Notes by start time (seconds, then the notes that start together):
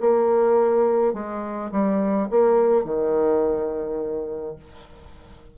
0.00 A#3
1.13 G#3
1.71 G3
2.30 A#3
2.84 D#3